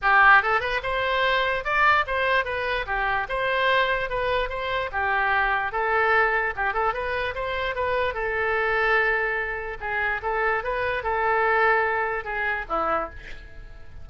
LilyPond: \new Staff \with { instrumentName = "oboe" } { \time 4/4 \tempo 4 = 147 g'4 a'8 b'8 c''2 | d''4 c''4 b'4 g'4 | c''2 b'4 c''4 | g'2 a'2 |
g'8 a'8 b'4 c''4 b'4 | a'1 | gis'4 a'4 b'4 a'4~ | a'2 gis'4 e'4 | }